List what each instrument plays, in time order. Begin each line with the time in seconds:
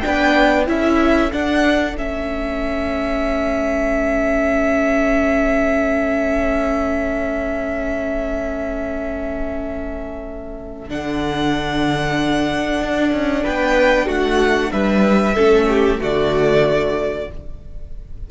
0.00 cello B3, viola D4, violin G5
0.07 violin B4
0.66 cello C#4, viola E4, violin A4 E5
1.32 viola D4, cello D4, violin F#5
1.95 cello A3, viola C#4, violin E5
10.88 cello D3, viola D4, violin F#5
12.81 cello D4
13.12 cello C#4
13.43 cello B3, violin B4 G5
14.05 cello A3, violin F#4 F#5
14.72 cello G3, violin B4 E5
15.34 cello A3, viola C#4, violin A4
15.68 violin G4
15.98 cello D3, viola A3, violin F#4 D5